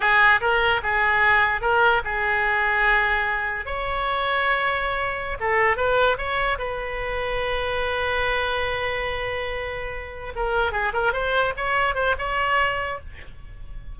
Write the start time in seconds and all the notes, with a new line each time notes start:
0.00 G#4
0.40 A#4
0.82 G#4
1.61 A#4
2.04 G#4
3.65 C#5
5.39 A4
5.76 B4
6.17 C#5
6.58 B4
10.35 A#4
10.72 G#4
10.93 A#4
11.12 C5
11.56 C#5
11.94 C5
12.18 C#5